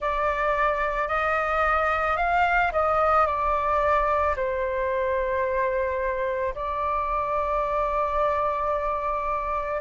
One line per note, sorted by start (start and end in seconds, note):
0.00 1.08 D5
1.08 2.17 D#5
2.17 2.71 F5
2.72 3.26 D#5
3.26 4.35 D5
4.36 6.54 C5
6.55 9.81 D5